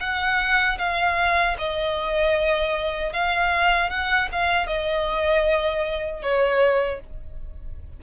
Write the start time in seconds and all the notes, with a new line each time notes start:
0.00 F#5
0.78 F5
1.58 D#5
3.12 F5
3.90 F#5
4.32 F5
4.66 D#5
6.22 C#5